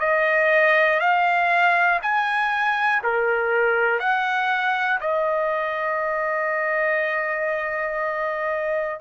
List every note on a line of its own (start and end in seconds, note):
0.00 1.00 D#5
1.00 2.00 F5
2.02 3.02 G#5
3.03 4.00 A#4
4.00 5.00 F#5
5.00 9.00 D#5